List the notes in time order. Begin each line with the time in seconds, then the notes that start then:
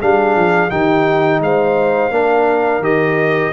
0.00 G3 D4 G#4 F5
0.36 F3
0.70 D#3 D#4 G4 G5
1.41 G#3 C5 F5
2.10 A#3 D4 A#4
2.80 D#3 G4 D#5